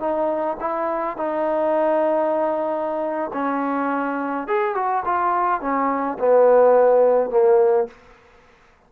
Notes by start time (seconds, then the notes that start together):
0.00 D#4
0.60 E4
1.17 D#4
3.34 C#4
4.48 G#4
4.75 F#4
5.05 F4
5.61 C#4
6.19 B3
7.30 A#3